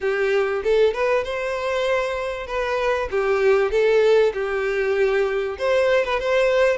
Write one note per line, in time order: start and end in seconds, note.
0.01 0.62 G4
0.63 0.93 A4
0.93 1.24 B4
1.24 2.47 C5
2.47 3.08 B4
3.11 3.71 G4
3.71 4.32 A4
4.33 5.57 G4
5.58 6.04 C5
6.04 6.19 B4
6.19 6.77 C5